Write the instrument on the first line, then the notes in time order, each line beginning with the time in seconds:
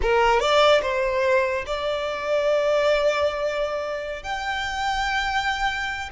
violin
0.02 A#4
0.39 D5
0.82 C5
1.66 D5
4.23 G5